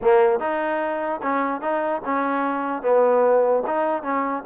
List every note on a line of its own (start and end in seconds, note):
0.01 0.39 A#3
0.39 1.21 D#4
1.22 1.61 C#4
1.61 2.01 D#4
2.04 2.82 C#4
2.82 3.63 B3
3.67 4.02 D#4
4.02 4.43 C#4